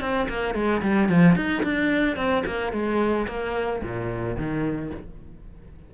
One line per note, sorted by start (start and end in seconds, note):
0.00 0.27 C4
0.29 0.54 A#3
0.54 0.81 G#3
0.82 1.09 G3
1.09 1.35 F3
1.35 1.63 D#4
1.63 2.16 D4
2.16 2.43 C4
2.46 2.72 A#3
2.72 3.27 G#3
3.27 3.82 A#3
3.83 4.36 A#2
4.36 4.91 D#3